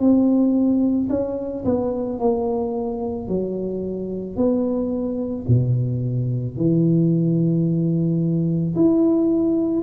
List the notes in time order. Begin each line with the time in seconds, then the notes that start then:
0.00 C4
1.10 C#4
1.65 B3
2.20 A#3
3.28 F#3
4.37 B3
5.48 B2
6.57 E3
8.76 E4